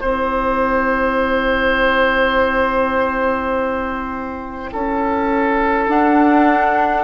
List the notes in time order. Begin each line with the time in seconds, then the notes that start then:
0.00 C4 E4 C5 G5
4.72 C#4 A4
5.87 D4 F#5